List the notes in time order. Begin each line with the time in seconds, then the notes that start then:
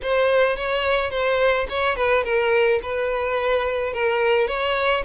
0.02 C5
0.56 C#5
1.10 C5
1.69 C#5
1.96 B4
2.24 A#4
2.82 B4
3.93 A#4
4.47 C#5